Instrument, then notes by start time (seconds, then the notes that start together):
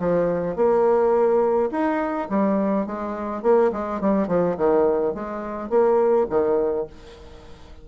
bassoon
0.00 F3
0.56 A#3
1.71 D#4
2.30 G3
2.86 G#3
3.43 A#3
3.72 G#3
4.01 G3
4.28 F3
4.58 D#3
5.15 G#3
5.70 A#3
6.30 D#3